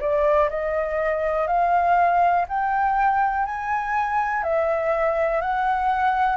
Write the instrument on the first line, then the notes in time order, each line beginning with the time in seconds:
flute
0.00 D5
0.50 D#5
1.47 F5
2.49 G5
3.46 G#5
4.44 E5
5.41 F#5